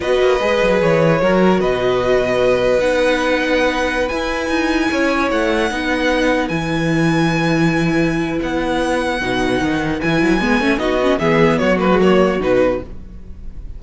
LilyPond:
<<
  \new Staff \with { instrumentName = "violin" } { \time 4/4 \tempo 4 = 150 dis''2 cis''2 | dis''2. fis''4~ | fis''2~ fis''16 gis''4.~ gis''16~ | gis''4~ gis''16 fis''2~ fis''8.~ |
fis''16 gis''2.~ gis''8.~ | gis''4 fis''2.~ | fis''4 gis''2 dis''4 | e''4 cis''8 b'8 cis''4 b'4 | }
  \new Staff \with { instrumentName = "violin" } { \time 4/4 b'2. ais'4 | b'1~ | b'1~ | b'16 cis''2 b'4.~ b'16~ |
b'1~ | b'1~ | b'2. fis'4 | gis'4 fis'2. | }
  \new Staff \with { instrumentName = "viola" } { \time 4/4 fis'4 gis'2 fis'4~ | fis'2. dis'4~ | dis'2~ dis'16 e'4.~ e'16~ | e'2~ e'16 dis'4.~ dis'16~ |
dis'16 e'2.~ e'8.~ | e'2. dis'4~ | dis'4 e'4 b8 cis'8 dis'8 cis'8 | b4. ais16 gis16 ais4 dis'4 | }
  \new Staff \with { instrumentName = "cello" } { \time 4/4 b8 ais8 gis8 fis8 e4 fis4 | b,2. b4~ | b2~ b16 e'4 dis'8.~ | dis'16 cis'4 a4 b4.~ b16~ |
b16 e2.~ e8.~ | e4 b2 b,4 | dis4 e8 fis8 gis8 a8 b4 | e4 fis2 b,4 | }
>>